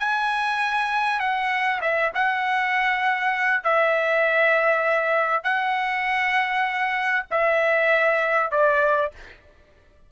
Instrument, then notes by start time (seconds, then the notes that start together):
trumpet
0.00 G#5
1.20 F#5
1.82 E5
2.15 F#5
3.64 E5
5.44 F#5
7.31 E5
8.52 D5